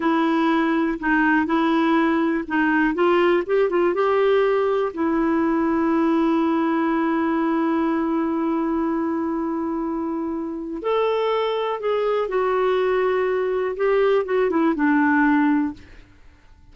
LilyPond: \new Staff \with { instrumentName = "clarinet" } { \time 4/4 \tempo 4 = 122 e'2 dis'4 e'4~ | e'4 dis'4 f'4 g'8 f'8 | g'2 e'2~ | e'1~ |
e'1~ | e'2 a'2 | gis'4 fis'2. | g'4 fis'8 e'8 d'2 | }